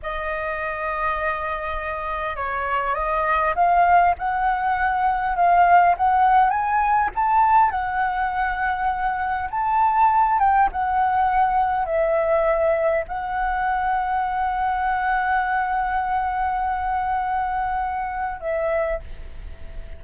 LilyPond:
\new Staff \with { instrumentName = "flute" } { \time 4/4 \tempo 4 = 101 dis''1 | cis''4 dis''4 f''4 fis''4~ | fis''4 f''4 fis''4 gis''4 | a''4 fis''2. |
a''4. g''8 fis''2 | e''2 fis''2~ | fis''1~ | fis''2. e''4 | }